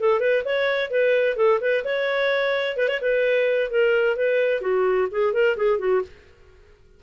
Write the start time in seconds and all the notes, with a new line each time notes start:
0.00 A4
0.20 B4
0.45 C#5
0.90 B4
1.37 A4
1.61 B4
1.85 C#5
2.77 B4
2.88 C#5
3.01 B4
3.71 A#4
4.16 B4
4.62 F#4
5.12 G#4
5.33 A#4
5.57 G#4
5.79 F#4